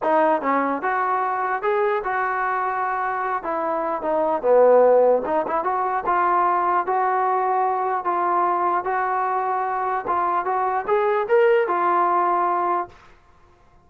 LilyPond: \new Staff \with { instrumentName = "trombone" } { \time 4/4 \tempo 4 = 149 dis'4 cis'4 fis'2 | gis'4 fis'2.~ | fis'8 e'4. dis'4 b4~ | b4 dis'8 e'8 fis'4 f'4~ |
f'4 fis'2. | f'2 fis'2~ | fis'4 f'4 fis'4 gis'4 | ais'4 f'2. | }